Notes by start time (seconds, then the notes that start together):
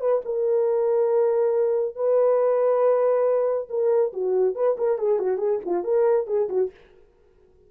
0.00 B4
0.25 A#4
1.95 B4
3.69 A#4
4.13 F#4
4.55 B4
4.78 A#4
4.98 G#4
5.19 F#4
5.38 G#4
5.65 F4
5.84 A#4
6.27 G#4
6.49 F#4